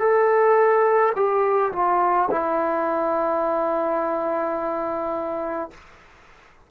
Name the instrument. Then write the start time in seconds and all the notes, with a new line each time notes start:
trombone
0.00 A4
1.16 G4
1.73 F4
2.31 E4